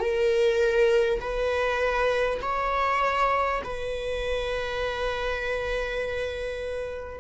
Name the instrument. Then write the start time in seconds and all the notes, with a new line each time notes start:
viola
0.00 A#4
1.21 B4
2.42 C#5
3.64 B4